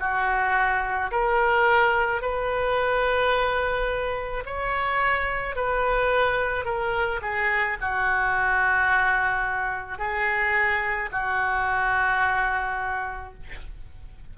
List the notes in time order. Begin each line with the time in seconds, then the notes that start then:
0.00 F#4
1.12 A#4
2.22 B4
4.46 C#5
5.56 B4
6.65 A#4
7.22 G#4
7.81 F#4
9.98 G#4
11.12 F#4